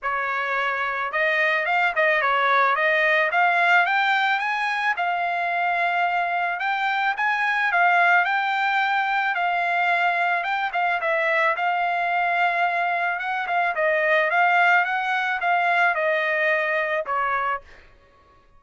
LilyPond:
\new Staff \with { instrumentName = "trumpet" } { \time 4/4 \tempo 4 = 109 cis''2 dis''4 f''8 dis''8 | cis''4 dis''4 f''4 g''4 | gis''4 f''2. | g''4 gis''4 f''4 g''4~ |
g''4 f''2 g''8 f''8 | e''4 f''2. | fis''8 f''8 dis''4 f''4 fis''4 | f''4 dis''2 cis''4 | }